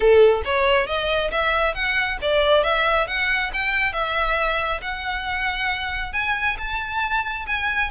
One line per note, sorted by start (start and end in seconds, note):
0.00 0.42 A4
0.44 0.87 C#5
0.87 1.30 D#5
1.31 1.74 E5
1.74 2.18 F#5
2.21 2.63 D5
2.63 3.07 E5
3.07 3.51 F#5
3.53 3.92 G5
3.92 4.80 E5
4.81 6.13 F#5
6.13 6.56 G#5
6.58 7.45 A5
7.46 7.90 G#5